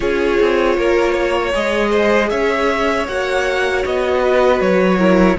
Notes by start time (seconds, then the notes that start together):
0.00 C#4 F4 G#4 C#5
0.40 C4
0.76 A#3 A#4
1.12 C#5
1.52 G#3 G#4 D#5
1.90 C5
2.29 C#4 C#5 E5
3.07 A#3 F#4 F#5
3.85 B3 D#5
4.21 B4
4.60 F#3 C#5
4.98 E4 A#4